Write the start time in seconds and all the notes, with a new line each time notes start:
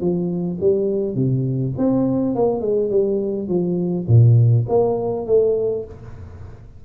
0.00 F3
0.60 G3
1.15 C3
1.77 C4
2.35 A#3
2.61 G#3
2.90 G3
3.48 F3
4.08 A#2
4.68 A#3
5.26 A3